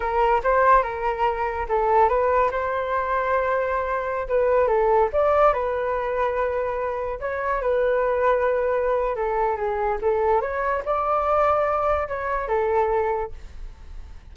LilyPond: \new Staff \with { instrumentName = "flute" } { \time 4/4 \tempo 4 = 144 ais'4 c''4 ais'2 | a'4 b'4 c''2~ | c''2~ c''16 b'4 a'8.~ | a'16 d''4 b'2~ b'8.~ |
b'4~ b'16 cis''4 b'4.~ b'16~ | b'2 a'4 gis'4 | a'4 cis''4 d''2~ | d''4 cis''4 a'2 | }